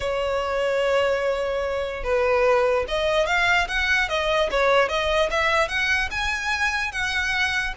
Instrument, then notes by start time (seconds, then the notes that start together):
violin
0.00 C#5
2.03 B4
2.88 D#5
3.26 F5
3.68 F#5
4.08 D#5
4.50 C#5
4.88 D#5
5.30 E5
5.68 F#5
6.10 G#5
6.92 F#5